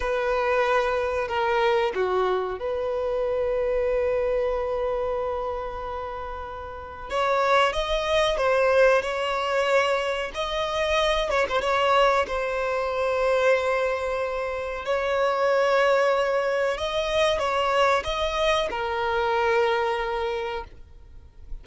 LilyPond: \new Staff \with { instrumentName = "violin" } { \time 4/4 \tempo 4 = 93 b'2 ais'4 fis'4 | b'1~ | b'2. cis''4 | dis''4 c''4 cis''2 |
dis''4. cis''16 c''16 cis''4 c''4~ | c''2. cis''4~ | cis''2 dis''4 cis''4 | dis''4 ais'2. | }